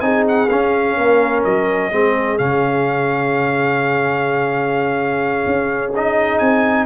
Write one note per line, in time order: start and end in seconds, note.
0.00 0.48 C4
0.00 0.48 D#4
0.00 0.97 G#4
0.00 0.24 G#5
0.28 0.49 F#5
0.49 1.92 C#4
0.49 0.97 C#4
0.49 1.43 F5
0.97 1.44 A#3
0.97 1.91 A#4
1.44 1.92 F#3
1.44 2.38 D#5
1.92 2.39 G#3
1.92 2.39 C4
1.92 6.86 G#4
2.38 5.46 C#3
2.38 5.93 C#4
2.38 5.92 F5
5.46 6.40 C#4
5.94 6.86 D#4
5.94 6.38 D#5
6.38 6.86 C4
6.38 6.86 G#5